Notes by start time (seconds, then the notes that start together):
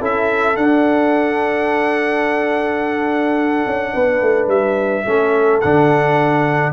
0.00 C#4 E4 A4 E5
0.56 D4 F#5
3.66 C#4
3.93 B3 B4
4.21 A3
4.47 G3 E5
5.05 A3 C#4 A4
5.60 D3 D4 F#5